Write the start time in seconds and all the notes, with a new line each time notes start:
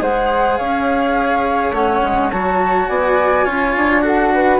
0.00 G#3 G#4 C5 F#5
0.57 C#4 C#5 F5
1.71 A3 C#4 F#5
2.03 G#3
2.31 F#3 F#4 A5
2.88 B3 D5 G#5
3.45 C#4 F4 C#5
3.75 D4
4.01 F#4 A4 F#5
4.34 B4